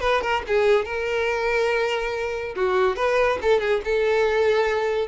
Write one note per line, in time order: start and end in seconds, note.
0.00 0.21 B4
0.21 0.42 A#4
0.47 0.85 G#4
0.85 2.55 A#4
2.56 2.96 F#4
2.96 3.38 B4
3.41 3.60 A4
3.60 3.81 G#4
3.84 5.08 A4